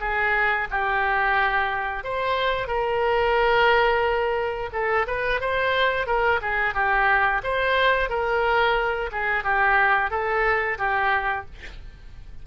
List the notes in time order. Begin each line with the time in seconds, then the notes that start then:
0.00 G#4
0.70 G4
2.03 C5
2.67 A#4
4.72 A4
5.07 B4
5.40 C5
6.06 A#4
6.41 G#4
6.74 G4
7.43 C5
8.09 A#4
9.11 G#4
9.44 G4
10.10 A4
10.78 G4